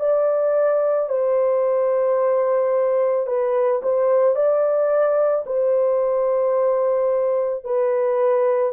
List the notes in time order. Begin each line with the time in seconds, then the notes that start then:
0.00 D5
1.09 C5
3.27 B4
3.83 C5
4.35 D5
5.46 C5
7.64 B4